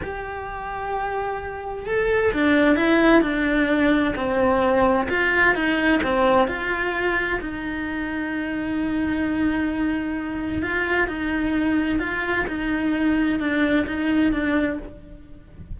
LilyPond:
\new Staff \with { instrumentName = "cello" } { \time 4/4 \tempo 4 = 130 g'1 | a'4 d'4 e'4 d'4~ | d'4 c'2 f'4 | dis'4 c'4 f'2 |
dis'1~ | dis'2. f'4 | dis'2 f'4 dis'4~ | dis'4 d'4 dis'4 d'4 | }